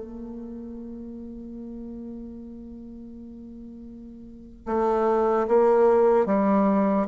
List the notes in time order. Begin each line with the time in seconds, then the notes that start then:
0.00 A#3
4.67 A3
5.48 A#3
6.27 G3